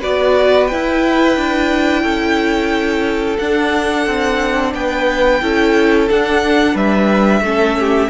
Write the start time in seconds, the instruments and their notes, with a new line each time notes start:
0.00 cello B3, viola F#4, violin B4 D5
0.67 viola E4, cello E4, violin G5
1.36 cello D4
2.03 cello C#4, violin A4
3.38 cello D4, viola D4, violin F#5
4.07 cello C4
4.74 cello B3, violin B4 G5
5.42 cello C#4, viola E4, violin A4
6.08 viola D4, cello D4, violin F#5
6.74 cello G3, violin B4 E5
7.41 cello A3, viola C#4, violin A4
7.80 violin G4